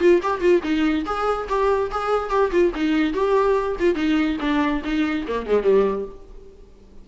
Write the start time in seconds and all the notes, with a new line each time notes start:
0.00 F4
0.23 G4
0.41 F4
0.63 D#4
1.05 G#4
1.49 G4
1.91 G#4
2.30 G4
2.52 F4
2.75 D#4
3.13 G4
3.80 F4
3.95 D#4
4.40 D4
4.84 D#4
5.27 A#3
5.46 G#3
5.63 G3